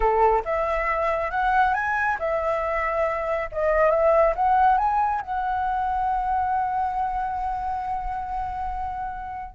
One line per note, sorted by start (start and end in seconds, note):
0.00 0.42 A4
0.44 1.30 E5
1.30 1.74 F#5
1.74 2.17 G#5
2.19 3.49 E5
3.52 3.90 D#5
3.90 4.33 E5
4.35 4.77 F#5
4.77 5.21 G#5
5.21 9.55 F#5